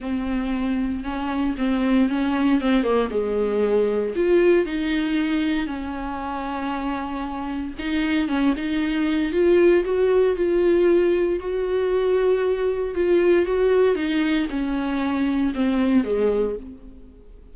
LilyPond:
\new Staff \with { instrumentName = "viola" } { \time 4/4 \tempo 4 = 116 c'2 cis'4 c'4 | cis'4 c'8 ais8 gis2 | f'4 dis'2 cis'4~ | cis'2. dis'4 |
cis'8 dis'4. f'4 fis'4 | f'2 fis'2~ | fis'4 f'4 fis'4 dis'4 | cis'2 c'4 gis4 | }